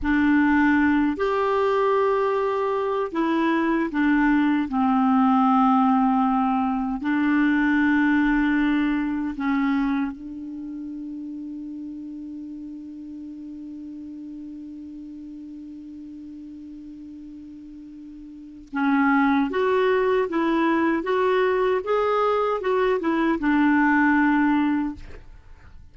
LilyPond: \new Staff \with { instrumentName = "clarinet" } { \time 4/4 \tempo 4 = 77 d'4. g'2~ g'8 | e'4 d'4 c'2~ | c'4 d'2. | cis'4 d'2.~ |
d'1~ | d'1 | cis'4 fis'4 e'4 fis'4 | gis'4 fis'8 e'8 d'2 | }